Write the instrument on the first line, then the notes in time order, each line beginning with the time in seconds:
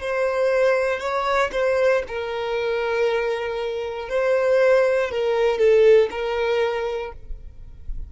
violin
0.00 C5
0.99 C#5
1.52 C5
2.07 A#4
4.09 C5
5.10 A#4
5.58 A4
6.10 A#4